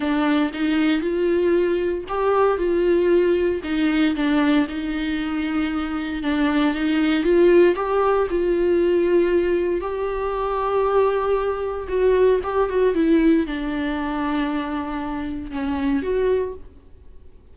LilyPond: \new Staff \with { instrumentName = "viola" } { \time 4/4 \tempo 4 = 116 d'4 dis'4 f'2 | g'4 f'2 dis'4 | d'4 dis'2. | d'4 dis'4 f'4 g'4 |
f'2. g'4~ | g'2. fis'4 | g'8 fis'8 e'4 d'2~ | d'2 cis'4 fis'4 | }